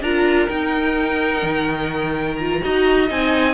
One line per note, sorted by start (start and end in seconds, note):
0.00 0.47 D4
0.00 0.50 F4
0.00 2.62 A#4
0.00 0.49 A#5
0.49 2.39 D#4
0.49 1.42 D#4
0.49 2.36 G5
1.42 2.61 D#3
2.36 2.62 F4
2.36 3.06 A#5
2.62 3.10 D#4
2.62 3.07 F#4
2.62 3.54 D#5
3.07 3.54 C4
3.07 3.54 D#4
3.07 3.54 G#5